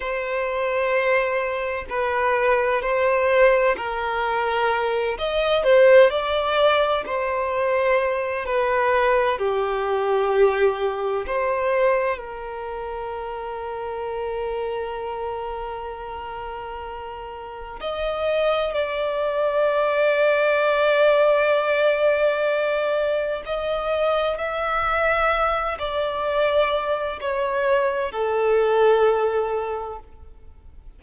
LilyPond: \new Staff \with { instrumentName = "violin" } { \time 4/4 \tempo 4 = 64 c''2 b'4 c''4 | ais'4. dis''8 c''8 d''4 c''8~ | c''4 b'4 g'2 | c''4 ais'2.~ |
ais'2. dis''4 | d''1~ | d''4 dis''4 e''4. d''8~ | d''4 cis''4 a'2 | }